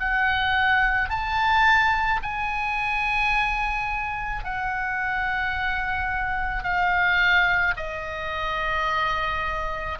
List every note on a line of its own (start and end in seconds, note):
0.00 1.10 F#5
1.10 2.21 A5
2.23 4.44 G#5
4.44 6.63 F#5
6.63 7.74 F5
7.77 9.99 D#5